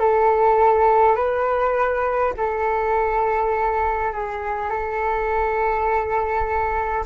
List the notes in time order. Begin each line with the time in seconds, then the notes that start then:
0.00 A4
1.17 B4
2.37 A4
4.13 G#4
4.71 A4